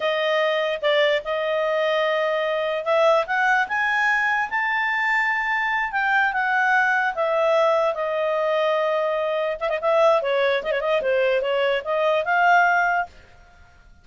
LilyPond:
\new Staff \with { instrumentName = "clarinet" } { \time 4/4 \tempo 4 = 147 dis''2 d''4 dis''4~ | dis''2. e''4 | fis''4 gis''2 a''4~ | a''2~ a''8 g''4 fis''8~ |
fis''4. e''2 dis''8~ | dis''2.~ dis''8 e''16 dis''16 | e''4 cis''4 dis''16 cis''16 dis''8 c''4 | cis''4 dis''4 f''2 | }